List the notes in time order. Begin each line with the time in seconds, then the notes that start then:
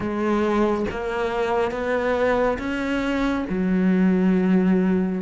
0.00 G#3
0.90 A#3
1.71 B3
2.58 C#4
3.49 F#3